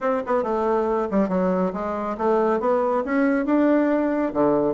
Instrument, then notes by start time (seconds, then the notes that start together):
bassoon
0.00 C4
0.26 B3
0.43 A3
1.10 G3
1.28 F#3
1.73 G#3
2.17 A3
2.60 B3
3.04 C#4
3.45 D4
4.33 D3